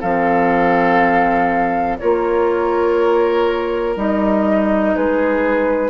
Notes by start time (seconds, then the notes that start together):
0.00 F3 C4 A4 F5
1.98 A#3 F4 A#4 C#5
3.96 G3 D#4 D#5
4.95 G#3 G#4 B4